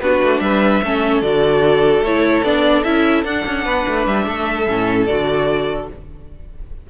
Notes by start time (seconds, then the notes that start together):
0.00 B3 D4 F#4 B4
0.23 A3
0.40 G3 B4 E5
0.83 A3 C#4 A4
1.21 D3 F#4 D5
2.01 A3 C#5
2.07 E4
2.44 B3 D4 D5
2.83 C#4 E4 E5
3.24 D4 F#5
3.46 C#4
3.64 B3 B4
3.87 A3
4.07 G3 E5
4.26 A3 A4
4.67 A2 C#4
5.06 D3 F#4 D5